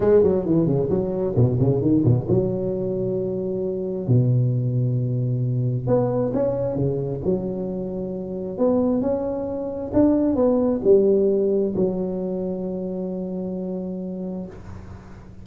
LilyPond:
\new Staff \with { instrumentName = "tuba" } { \time 4/4 \tempo 4 = 133 gis8 fis8 e8 cis8 fis4 b,8 cis8 | dis8 b,8 fis2.~ | fis4 b,2.~ | b,4 b4 cis'4 cis4 |
fis2. b4 | cis'2 d'4 b4 | g2 fis2~ | fis1 | }